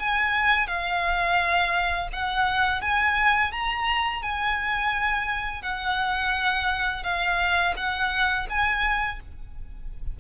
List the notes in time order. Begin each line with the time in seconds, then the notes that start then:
0.00 G#5
0.68 F5
2.13 F#5
2.82 G#5
3.52 A#5
4.23 G#5
5.63 F#5
7.04 F5
7.77 F#5
8.50 G#5